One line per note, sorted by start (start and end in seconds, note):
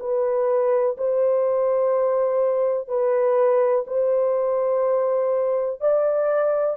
0.00 0.97 B4
0.98 2.88 C5
2.88 3.85 B4
3.87 5.81 C5
5.81 6.77 D5